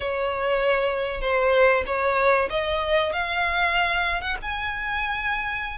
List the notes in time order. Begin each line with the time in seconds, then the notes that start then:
0.00 C#5
1.21 C5
1.86 C#5
2.50 D#5
3.12 F5
4.21 F#5
4.42 G#5